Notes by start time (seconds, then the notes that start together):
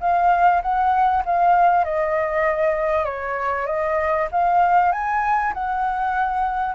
0.00 F5
0.62 F#5
1.25 F5
1.84 D#5
3.05 C#5
3.66 D#5
4.31 F5
4.92 G#5
5.53 F#5